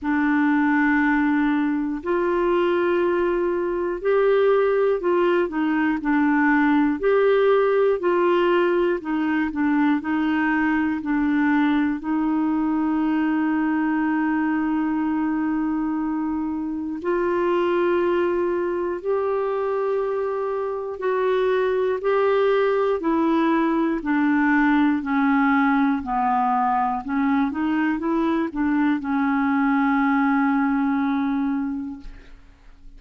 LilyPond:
\new Staff \with { instrumentName = "clarinet" } { \time 4/4 \tempo 4 = 60 d'2 f'2 | g'4 f'8 dis'8 d'4 g'4 | f'4 dis'8 d'8 dis'4 d'4 | dis'1~ |
dis'4 f'2 g'4~ | g'4 fis'4 g'4 e'4 | d'4 cis'4 b4 cis'8 dis'8 | e'8 d'8 cis'2. | }